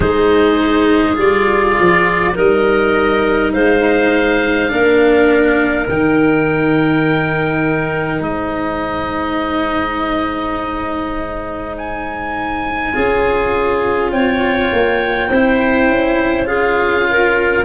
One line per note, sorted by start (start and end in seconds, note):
0.00 1.17 G#3
0.00 1.16 D#4
0.00 2.33 G#4
0.00 1.16 C5
1.16 1.76 G3
1.16 2.33 F4
1.16 2.37 D5
1.79 2.37 F3
2.34 3.53 G3
2.34 4.68 D#4
2.34 3.52 A#4
2.34 3.52 D#5
3.52 4.70 G#3
3.52 4.70 C5
3.52 5.88 F5
4.68 5.88 A#3
4.68 5.86 D4
4.68 8.24 A#4
5.88 8.20 D#3
5.88 12.93 D#4
5.88 8.23 G5
8.20 12.91 G#3
8.20 12.93 C5
8.20 11.75 D#5
11.77 14.11 G#5
12.93 14.12 C#4
12.93 15.28 F4
12.93 14.11 G#4
14.11 14.71 C4
14.11 15.29 C#5
14.11 16.46 G5
14.72 15.29 A#3
15.29 15.88 C4
15.29 16.45 E4
15.29 16.47 C5
15.88 17.64 C#4
16.45 17.63 F4
16.45 17.06 G#4
16.45 17.64 F5
17.10 17.64 A#4